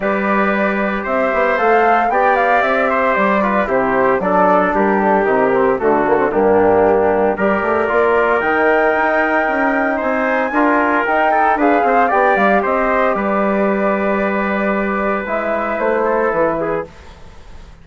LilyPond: <<
  \new Staff \with { instrumentName = "flute" } { \time 4/4 \tempo 4 = 114 d''2 e''4 f''4 | g''8 f''8 e''4 d''4 c''4 | d''4 ais'8 a'8 ais'4 a'4 | g'2 d''2 |
g''2. gis''4~ | gis''4 g''4 f''4 g''8 f''8 | dis''4 d''2.~ | d''4 e''4 c''4 b'4 | }
  \new Staff \with { instrumentName = "trumpet" } { \time 4/4 b'2 c''2 | d''4. c''4 b'8 g'4 | a'4 g'2 fis'4 | d'2 ais'2~ |
ais'2. c''4 | ais'4. a'8 b'8 c''8 d''4 | c''4 b'2.~ | b'2~ b'8 a'4 gis'8 | }
  \new Staff \with { instrumentName = "trombone" } { \time 4/4 g'2. a'4 | g'2~ g'8 f'8 e'4 | d'2 dis'8 c'8 a8 ais16 c'16 | ais2 g'4 f'4 |
dis'1 | f'4 dis'4 gis'4 g'4~ | g'1~ | g'4 e'2. | }
  \new Staff \with { instrumentName = "bassoon" } { \time 4/4 g2 c'8 b8 a4 | b4 c'4 g4 c4 | fis4 g4 c4 d4 | g,2 g8 a8 ais4 |
dis4 dis'4 cis'4 c'4 | d'4 dis'4 d'8 c'8 b8 g8 | c'4 g2.~ | g4 gis4 a4 e4 | }
>>